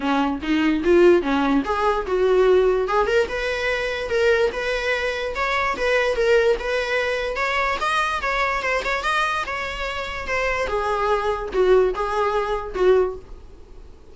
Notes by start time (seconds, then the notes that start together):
0.00 C#4
0.42 D#4
0.84 F4
1.22 C#4
1.64 G#4
2.06 F#4
2.87 G#4
3.07 A#4
3.28 B4
4.09 A#4
4.52 B4
5.35 C#5
5.76 B4
6.16 A#4
6.59 B4
7.36 C#5
7.80 D#5
8.21 C#5
8.62 C5
8.84 C#5
9.03 D#5
9.46 C#5
10.27 C5
10.67 G#4
11.53 F#4
11.94 G#4
12.74 F#4